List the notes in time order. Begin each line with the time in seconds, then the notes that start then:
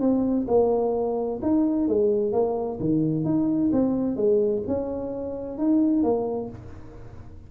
0.00 C4
0.48 A#3
1.42 D#4
1.88 G#3
2.33 A#3
2.80 D#3
3.25 D#4
3.72 C4
4.16 G#3
4.67 C#4
5.58 D#4
6.03 A#3